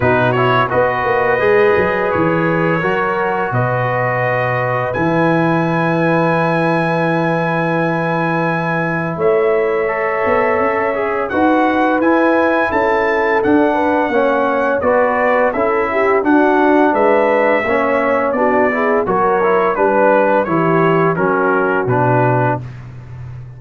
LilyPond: <<
  \new Staff \with { instrumentName = "trumpet" } { \time 4/4 \tempo 4 = 85 b'8 cis''8 dis''2 cis''4~ | cis''4 dis''2 gis''4~ | gis''1~ | gis''4 e''2. |
fis''4 gis''4 a''4 fis''4~ | fis''4 d''4 e''4 fis''4 | e''2 d''4 cis''4 | b'4 cis''4 ais'4 b'4 | }
  \new Staff \with { instrumentName = "horn" } { \time 4/4 fis'4 b'2. | ais'4 b'2.~ | b'1~ | b'4 cis''2. |
b'2 a'4. b'8 | cis''4 b'4 a'8 g'8 fis'4 | b'4 cis''4 fis'8 gis'8 ais'4 | b'4 g'4 fis'2 | }
  \new Staff \with { instrumentName = "trombone" } { \time 4/4 dis'8 e'8 fis'4 gis'2 | fis'2. e'4~ | e'1~ | e'2 a'4. gis'8 |
fis'4 e'2 d'4 | cis'4 fis'4 e'4 d'4~ | d'4 cis'4 d'8 e'8 fis'8 e'8 | d'4 e'4 cis'4 d'4 | }
  \new Staff \with { instrumentName = "tuba" } { \time 4/4 b,4 b8 ais8 gis8 fis8 e4 | fis4 b,2 e4~ | e1~ | e4 a4. b8 cis'4 |
dis'4 e'4 cis'4 d'4 | ais4 b4 cis'4 d'4 | gis4 ais4 b4 fis4 | g4 e4 fis4 b,4 | }
>>